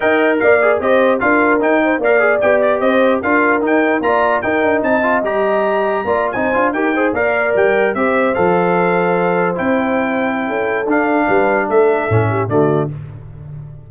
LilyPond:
<<
  \new Staff \with { instrumentName = "trumpet" } { \time 4/4 \tempo 4 = 149 g''4 f''4 dis''4 f''4 | g''4 f''4 g''8 d''8 dis''4 | f''4 g''4 ais''4 g''4 | a''4 ais''2~ ais''8. gis''16~ |
gis''8. g''4 f''4 g''4 e''16~ | e''8. f''2. g''16~ | g''2. f''4~ | f''4 e''2 d''4 | }
  \new Staff \with { instrumentName = "horn" } { \time 4/4 dis''4 d''4 c''4 ais'4~ | ais'8 c''8 d''2 c''4 | ais'2 d''4 ais'4 | dis''2. d''8. c''16~ |
c''8. ais'8 c''8 d''2 c''16~ | c''1~ | c''2 a'2 | b'4 a'4. g'8 fis'4 | }
  \new Staff \with { instrumentName = "trombone" } { \time 4/4 ais'4. gis'8 g'4 f'4 | dis'4 ais'8 gis'8 g'2 | f'4 dis'4 f'4 dis'4~ | dis'8 f'8 g'2 f'8. dis'16~ |
dis'16 f'8 g'8 gis'8 ais'2 g'16~ | g'8. a'2. e'16~ | e'2. d'4~ | d'2 cis'4 a4 | }
  \new Staff \with { instrumentName = "tuba" } { \time 4/4 dis'4 ais4 c'4 d'4 | dis'4 ais4 b4 c'4 | d'4 dis'4 ais4 dis'8 d'8 | c'4 g2 ais8. c'16~ |
c'16 d'8 dis'4 ais4 g4 c'16~ | c'8. f2. c'16~ | c'2 cis'4 d'4 | g4 a4 a,4 d4 | }
>>